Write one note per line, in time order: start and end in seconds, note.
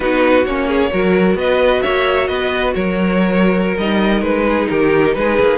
0.00 0.45 B3
0.00 0.44 D#4
0.00 0.67 F#4
0.00 0.45 B4
0.45 0.92 A#3
0.45 0.90 C#4
0.45 1.36 C#5
0.67 0.90 G#4
0.90 1.34 F#3
0.90 3.76 F#4
0.90 1.37 A#4
1.34 1.80 B3
1.34 1.82 B4
1.34 1.82 D#5
1.82 2.28 A#3
1.82 2.28 C#5
1.82 2.27 E5
2.27 2.74 B3
2.27 2.74 B4
2.27 2.73 D#5
2.74 3.77 F#3
2.74 4.46 A#4
2.74 3.77 C#5
3.77 4.21 G3
3.77 5.57 D#4
3.77 4.22 D#5
4.21 4.67 G#3
4.21 4.68 B4
4.48 4.70 G#4
4.70 5.16 D#3
4.70 5.16 G4
4.70 5.13 A#4
5.13 5.39 G#3
5.13 5.57 G#4
5.13 5.57 B4
5.39 5.57 A#3